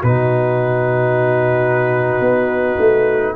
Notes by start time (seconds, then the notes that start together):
0.00 B2 D#4 F#4 B4
2.20 B3
2.78 A3